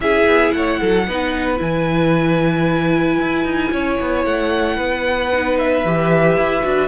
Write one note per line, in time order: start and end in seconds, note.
0.00 0.24 C#4
0.00 1.07 E4
0.00 0.55 G#4
0.00 0.52 E5
0.25 0.52 B3
0.52 0.80 A3
0.52 0.80 C#5
0.52 1.58 F#5
0.80 1.07 F#3
0.80 1.06 A4
1.07 1.60 B3
1.07 1.57 D#4
1.07 3.72 B4
1.57 3.19 E3
1.57 5.29 E4
1.57 4.25 G#5
3.19 3.44 E4
3.44 3.71 D#4
3.72 3.98 C#4
3.72 4.76 C#5
4.00 4.25 B3
4.25 4.78 A3
4.25 5.58 F#5
4.76 5.84 B3
4.76 6.87 B4
5.32 5.85 D#4
5.58 6.87 E5
5.84 6.36 E3
5.84 6.62 G4
6.36 6.63 E4
6.62 6.87 D4
6.62 6.87 F#4